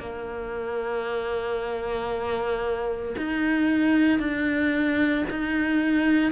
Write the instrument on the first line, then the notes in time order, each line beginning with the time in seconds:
cello
0.00 A#3
3.17 D#4
4.20 D4
5.30 D#4